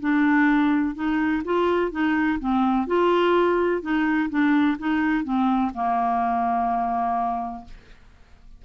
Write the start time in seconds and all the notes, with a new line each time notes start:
0.00 D4
0.95 D#4
1.44 F4
1.92 D#4
2.40 C4
2.87 F4
3.82 D#4
4.30 D4
4.79 D#4
5.24 C4
5.74 A#3